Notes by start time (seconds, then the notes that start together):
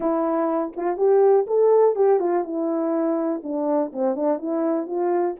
0.00 E4
0.76 F4
0.97 G4
1.47 A4
1.95 G4
2.19 F4
2.44 E4
3.43 D4
3.92 C4
4.15 D4
4.38 E4
4.86 F4